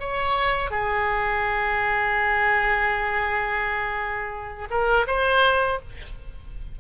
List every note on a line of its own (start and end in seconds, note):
0.00 0.71 C#5
0.71 4.69 G#4
4.71 5.07 A#4
5.07 5.80 C5